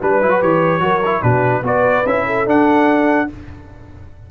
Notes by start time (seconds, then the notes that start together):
0.00 G3 D4 B4
0.22 F#3 E4
0.30 F#4
0.41 E3 G4 C#5
0.81 F#3 F#4 A#4
1.05 E4
1.22 B2 D4 F#4 B4
1.63 B3 F#4 B4 D5
2.06 C#4 E4 E5
2.26 A4
2.46 D4 F#5